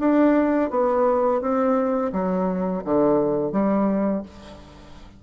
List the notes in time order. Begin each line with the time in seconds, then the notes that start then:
0.00 D4
0.71 B3
1.41 C4
2.13 F#3
2.85 D3
3.52 G3